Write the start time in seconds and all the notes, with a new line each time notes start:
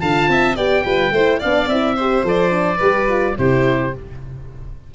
0.00 D3 F4 F5 A5
0.28 C4 E5
0.56 B3 G4 D5 G5
0.84 G3 F4 B4
1.11 A3 E4 C5
1.39 B3 D4 D5 F5
1.67 C4 E4 E5
1.95 G4 C5
2.23 F3 A4 D5
2.50 D4
2.77 G3 G4 B4
3.09 F4
3.38 C3 E4 G4 C5